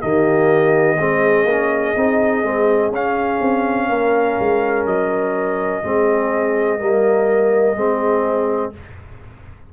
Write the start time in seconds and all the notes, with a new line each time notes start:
0.00 D#3 A#3 G4 D#5
0.99 G#3 C4 G#4
1.45 A#3 C#4
1.96 C4 D#4
2.43 G#3 C4
2.91 C#4 F5
3.41 C4
3.88 A#3 A#4
4.39 G#3
4.85 F#3 D#5
5.83 G#3 C4 G#4
6.78 G3 A#3 A#4
7.76 G#3 C4 G#4